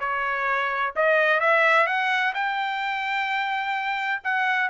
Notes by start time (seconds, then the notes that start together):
0.00 C#5
0.96 D#5
1.40 E5
1.86 F#5
2.34 G5
4.24 F#5